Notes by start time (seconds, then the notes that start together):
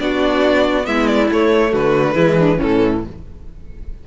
0.00 B3 D4 F#4 D5
0.83 G#3 B3 E4 E5
1.07 D5
1.30 A3 C#5
1.71 D3 F#4 B4
2.14 E3 G#3 E4
2.39 D4
2.57 E3 C#4 A4
2.63 A2